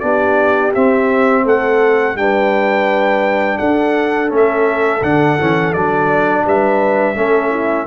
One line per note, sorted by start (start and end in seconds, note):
0.00 0.74 B3
0.00 0.73 D4
0.00 1.44 G4
0.00 0.71 D5
0.74 2.16 C4
0.74 1.45 C4
0.74 1.46 E5
1.44 2.15 A3
1.44 2.16 A4
1.44 2.17 F#5
2.15 3.58 G3
2.15 4.28 D4
2.15 3.59 B4
2.15 3.58 G5
3.58 4.30 D4
3.58 6.44 A4
3.58 4.30 F#5
4.28 5.02 A3
4.28 5.00 C#4
4.36 5.03 E5
5.02 5.38 D3
5.02 5.39 D4
5.02 5.73 F#5
5.39 5.75 E3
5.39 5.75 C#4
5.73 6.45 F#3
5.73 7.15 D4
5.73 6.45 D5
6.45 7.16 G3
6.45 7.16 B4
6.45 7.87 E5
7.15 7.87 A3
7.15 7.87 C#4
7.15 7.50 A4
7.50 7.86 E4